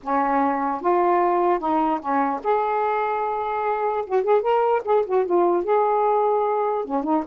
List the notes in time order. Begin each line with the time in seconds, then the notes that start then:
0.03 C#4
0.81 F4
1.59 D#4
2.00 C#4
2.43 G#4
4.06 F#4
4.23 G#4
4.41 A#4
4.84 G#4
5.05 F#4
5.25 F4
5.64 G#4
6.84 C#4
7.03 D#4